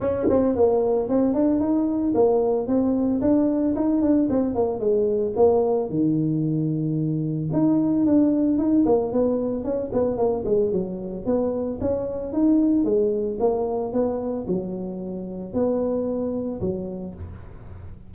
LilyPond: \new Staff \with { instrumentName = "tuba" } { \time 4/4 \tempo 4 = 112 cis'8 c'8 ais4 c'8 d'8 dis'4 | ais4 c'4 d'4 dis'8 d'8 | c'8 ais8 gis4 ais4 dis4~ | dis2 dis'4 d'4 |
dis'8 ais8 b4 cis'8 b8 ais8 gis8 | fis4 b4 cis'4 dis'4 | gis4 ais4 b4 fis4~ | fis4 b2 fis4 | }